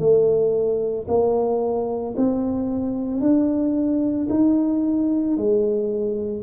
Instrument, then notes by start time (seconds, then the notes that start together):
tuba
0.00 A3
1.08 A#3
2.17 C4
3.21 D4
4.31 D#4
5.37 G#3